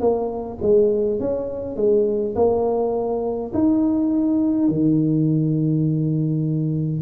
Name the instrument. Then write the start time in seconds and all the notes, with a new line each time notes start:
tuba
0.00 A#3
0.62 G#3
1.20 C#4
1.76 G#3
2.35 A#3
3.54 D#4
4.68 D#3